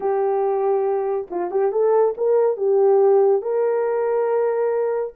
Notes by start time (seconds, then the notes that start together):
0.00 G4
1.30 F4
1.50 G4
1.72 A4
2.17 A#4
2.56 G4
3.41 A#4